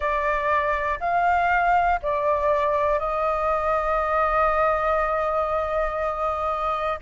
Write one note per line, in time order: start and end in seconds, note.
0.00 0.99 D5
1.00 2.00 F5
2.02 2.99 D5
2.99 6.99 D#5